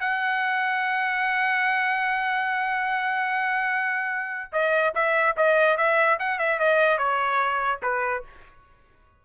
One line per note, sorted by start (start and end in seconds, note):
0.00 4.52 F#5
4.53 4.94 D#5
4.95 5.36 E5
5.37 5.77 D#5
5.77 6.18 E5
6.19 6.39 F#5
6.39 6.59 E5
6.59 6.98 D#5
6.98 7.80 C#5
7.83 8.24 B4